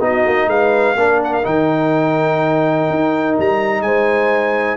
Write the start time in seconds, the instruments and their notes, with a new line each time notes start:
0.00 tuba B3, trombone D#4, horn F#4, trumpet D#5
0.26 tuba A#3
0.47 tuba G#3, horn B4, trumpet F5
0.96 tuba A#3, trombone D4, horn A#4
1.24 trumpet F#5
1.33 trumpet F5
1.43 tuba D#3, trombone D#4, trumpet G5
2.90 tuba D#4
3.38 tuba G3, trumpet A#5
3.81 tuba G#3, horn C5, trumpet G#5